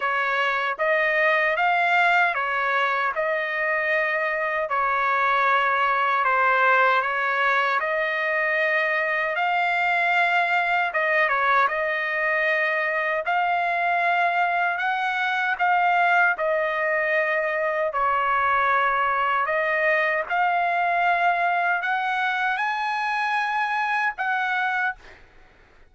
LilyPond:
\new Staff \with { instrumentName = "trumpet" } { \time 4/4 \tempo 4 = 77 cis''4 dis''4 f''4 cis''4 | dis''2 cis''2 | c''4 cis''4 dis''2 | f''2 dis''8 cis''8 dis''4~ |
dis''4 f''2 fis''4 | f''4 dis''2 cis''4~ | cis''4 dis''4 f''2 | fis''4 gis''2 fis''4 | }